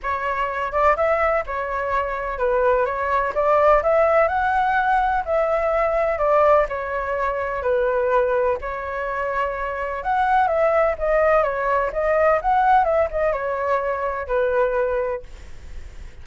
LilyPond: \new Staff \with { instrumentName = "flute" } { \time 4/4 \tempo 4 = 126 cis''4. d''8 e''4 cis''4~ | cis''4 b'4 cis''4 d''4 | e''4 fis''2 e''4~ | e''4 d''4 cis''2 |
b'2 cis''2~ | cis''4 fis''4 e''4 dis''4 | cis''4 dis''4 fis''4 e''8 dis''8 | cis''2 b'2 | }